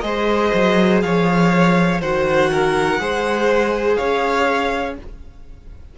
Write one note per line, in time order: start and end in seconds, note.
0.00 0.51 G#3
0.00 1.98 G#4
0.00 1.03 C5
0.00 0.98 D#5
0.54 1.02 F#3
1.02 2.01 F3
1.02 2.01 C#5
1.02 2.00 F5
2.01 2.98 D#3
2.01 2.99 F#4
2.01 2.50 C5
2.01 3.95 F#5
2.51 3.00 A#4
2.98 3.97 G#3
2.98 4.95 G#4
2.98 3.97 C5
3.95 4.98 C#4
3.95 4.95 C#5
3.95 4.94 F5